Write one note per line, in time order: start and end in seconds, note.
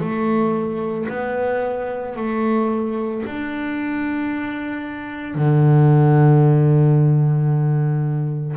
0.00 1.07 A3
1.09 2.16 B3
2.16 3.23 A3
3.26 5.35 D4
5.35 8.56 D3